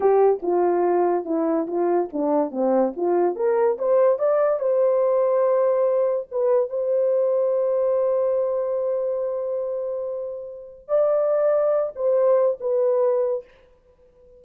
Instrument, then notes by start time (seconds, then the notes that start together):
horn
0.00 G4
0.42 F4
1.24 E4
1.67 F4
2.12 D4
2.51 C4
2.96 F4
3.35 A#4
3.78 C5
4.18 D5
4.59 C5
6.31 B4
6.69 C5
10.88 D5
11.95 C5
12.60 B4